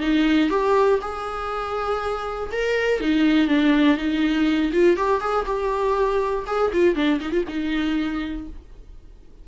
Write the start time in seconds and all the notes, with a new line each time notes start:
0.00 D#4
0.50 G4
1.01 G#4
2.52 A#4
3.01 D#4
3.48 D4
3.97 D#4
4.73 F4
4.96 G4
5.21 G#4
5.46 G4
6.47 G#4
6.73 F4
6.95 D4
7.20 D#4
7.32 F4
7.48 D#4